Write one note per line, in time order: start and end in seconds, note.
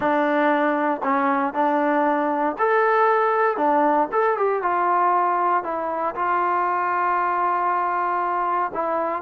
0.00 1.01 D4
1.03 1.53 C#4
1.53 2.56 D4
2.58 3.57 A4
3.57 4.08 D4
4.12 4.37 A4
4.37 4.62 G4
4.62 5.63 F4
5.63 6.14 E4
6.15 8.71 F4
8.74 9.22 E4